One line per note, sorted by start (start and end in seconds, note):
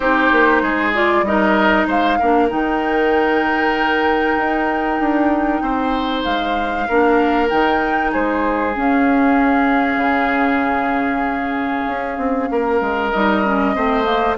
0.00 0.30 C4
0.00 0.94 D#4
0.00 0.62 G4
0.00 0.93 C5
0.31 0.62 A#3
0.62 1.22 G#3
0.62 1.24 G#4
0.94 1.25 F4
0.94 1.24 D5
1.22 1.85 G3
1.22 2.19 D#4
1.22 1.87 A#4
1.22 1.87 D#5
1.87 2.18 G#3
1.87 2.18 C5
1.87 2.49 F5
2.19 2.51 A#3
2.19 2.48 D4
2.19 5.62 A#4
2.48 4.37 D#3
2.48 6.86 D#4
2.48 6.23 G5
4.37 4.99 D#4
4.99 5.61 D4
5.61 6.23 C4
5.61 6.87 C5
6.23 6.87 G#3
6.23 7.48 F5
6.88 7.51 A#3
6.88 7.49 D4
6.88 8.11 A#4
7.49 8.14 D#3
7.49 8.73 D#4
7.49 8.11 G5
8.11 8.76 G#3
8.11 12.48 G#4
8.11 8.74 C5
8.73 13.11 C#4
8.73 9.96 C#4
8.73 13.10 F5
9.96 11.83 C#3
11.87 12.17 C#4
12.17 12.48 C4
12.51 12.80 A#3
12.51 13.75 A#4
12.80 13.12 G#3
13.10 13.76 G3
13.10 13.44 D#4
13.10 14.35 D#5
13.44 13.74 C#4
13.74 14.37 A3
13.74 14.03 C4
13.74 14.37 C5
14.03 14.35 A#3